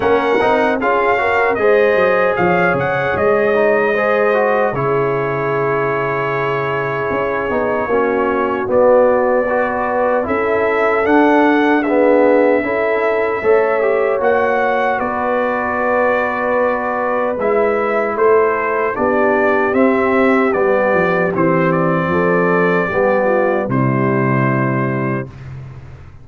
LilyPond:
<<
  \new Staff \with { instrumentName = "trumpet" } { \time 4/4 \tempo 4 = 76 fis''4 f''4 dis''4 f''8 fis''8 | dis''2 cis''2~ | cis''2. d''4~ | d''4 e''4 fis''4 e''4~ |
e''2 fis''4 d''4~ | d''2 e''4 c''4 | d''4 e''4 d''4 c''8 d''8~ | d''2 c''2 | }
  \new Staff \with { instrumentName = "horn" } { \time 4/4 ais'4 gis'8 ais'8 c''4 cis''4~ | cis''4 c''4 gis'2~ | gis'2 fis'2 | b'4 a'2 gis'4 |
a'4 cis''2 b'4~ | b'2. a'4 | g'1 | a'4 g'8 f'8 e'2 | }
  \new Staff \with { instrumentName = "trombone" } { \time 4/4 cis'8 dis'8 f'8 fis'8 gis'2~ | gis'8 dis'8 gis'8 fis'8 e'2~ | e'4. dis'8 cis'4 b4 | fis'4 e'4 d'4 b4 |
e'4 a'8 g'8 fis'2~ | fis'2 e'2 | d'4 c'4 b4 c'4~ | c'4 b4 g2 | }
  \new Staff \with { instrumentName = "tuba" } { \time 4/4 ais8 c'8 cis'4 gis8 fis8 f8 cis8 | gis2 cis2~ | cis4 cis'8 b8 ais4 b4~ | b4 cis'4 d'2 |
cis'4 a4 ais4 b4~ | b2 gis4 a4 | b4 c'4 g8 f8 e4 | f4 g4 c2 | }
>>